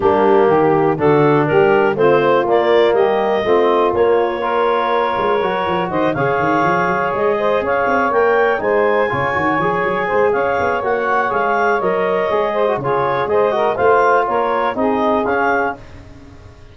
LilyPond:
<<
  \new Staff \with { instrumentName = "clarinet" } { \time 4/4 \tempo 4 = 122 g'2 a'4 ais'4 | c''4 d''4 dis''2 | cis''1 | dis''8 f''2 dis''4 f''8~ |
f''8 g''4 gis''2~ gis''8~ | gis''4 f''4 fis''4 f''4 | dis''2 cis''4 dis''4 | f''4 cis''4 dis''4 f''4 | }
  \new Staff \with { instrumentName = "saxophone" } { \time 4/4 d'4 g'4 fis'4 g'4 | f'2 g'4 f'4~ | f'4 ais'2. | c''8 cis''2~ cis''8 c''8 cis''8~ |
cis''4. c''4 cis''4.~ | cis''8 c''8 cis''2.~ | cis''4. c''8 gis'4 c''8 ais'8 | c''4 ais'4 gis'2 | }
  \new Staff \with { instrumentName = "trombone" } { \time 4/4 ais2 d'2 | c'4 ais2 c'4 | ais4 f'2 fis'4~ | fis'8 gis'2.~ gis'8~ |
gis'8 ais'4 dis'4 f'8 fis'8 gis'8~ | gis'2 fis'4 gis'4 | ais'4 gis'8. fis'16 f'4 gis'8 fis'8 | f'2 dis'4 cis'4 | }
  \new Staff \with { instrumentName = "tuba" } { \time 4/4 g4 dis4 d4 g4 | a4 ais4 g4 a4 | ais2~ ais8 gis8 fis8 f8 | dis8 cis8 dis8 f8 fis8 gis4 cis'8 |
c'8 ais4 gis4 cis8 dis8 f8 | fis8 gis8 cis'8 b8 ais4 gis4 | fis4 gis4 cis4 gis4 | a4 ais4 c'4 cis'4 | }
>>